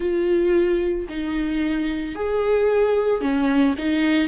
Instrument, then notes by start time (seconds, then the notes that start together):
viola
0.00 F4
1.08 D#4
2.15 G#4
3.21 C#4
3.78 D#4